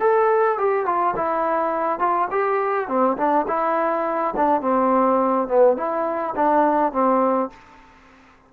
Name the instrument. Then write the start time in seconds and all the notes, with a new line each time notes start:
trombone
0.00 A4
0.58 G4
0.85 F4
1.16 E4
1.99 F4
2.31 G4
2.87 C4
3.17 D4
3.47 E4
4.36 D4
4.61 C4
5.48 B3
5.76 E4
6.35 D4
6.92 C4